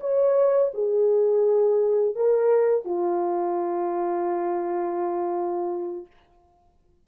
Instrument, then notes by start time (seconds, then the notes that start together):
horn
0.00 C#5
0.74 G#4
2.15 A#4
2.85 F4